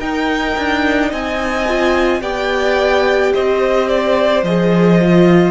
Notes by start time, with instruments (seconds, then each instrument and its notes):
0.00 cello D#4, viola D#4, violin A#4 G5
0.58 cello D4
1.10 cello C4, violin D#5 G#5
1.68 viola F4
2.22 cello B3, viola G4, violin D5 G5
3.34 cello C4, violin C5 D#5
3.89 violin D5
4.44 cello F3, viola G#4, violin D#5
5.01 viola F4